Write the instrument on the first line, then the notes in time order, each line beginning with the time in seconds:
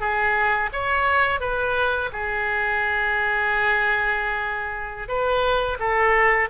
oboe
0.00 G#4
0.73 C#5
1.40 B4
2.12 G#4
5.08 B4
5.79 A4